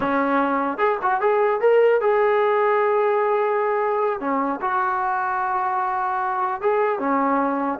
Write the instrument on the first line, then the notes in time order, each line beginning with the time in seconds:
trombone
0.00 C#4
0.78 G#4
1.01 F#4
1.21 G#4
1.60 A#4
2.00 G#4
4.19 C#4
4.61 F#4
6.61 G#4
6.99 C#4